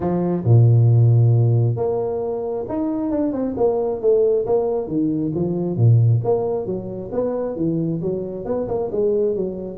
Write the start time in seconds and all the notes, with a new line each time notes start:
0.00 F3
0.44 A#2
1.76 A#3
2.68 D#4
3.10 D4
3.32 C4
3.56 A#3
4.01 A3
4.46 A#3
4.87 D#3
5.34 F3
5.76 A#2
6.23 A#3
6.65 F#3
7.12 B3
7.56 E3
8.01 F#3
8.45 B3
8.68 A#3
8.91 G#3
9.35 F#3